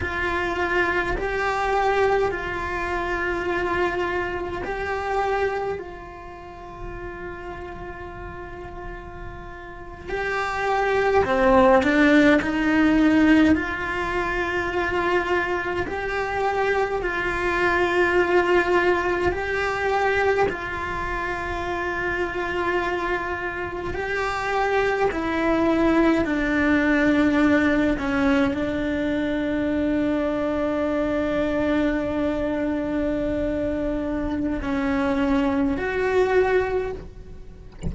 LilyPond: \new Staff \with { instrumentName = "cello" } { \time 4/4 \tempo 4 = 52 f'4 g'4 f'2 | g'4 f'2.~ | f'8. g'4 c'8 d'8 dis'4 f'16~ | f'4.~ f'16 g'4 f'4~ f'16~ |
f'8. g'4 f'2~ f'16~ | f'8. g'4 e'4 d'4~ d'16~ | d'16 cis'8 d'2.~ d'16~ | d'2 cis'4 fis'4 | }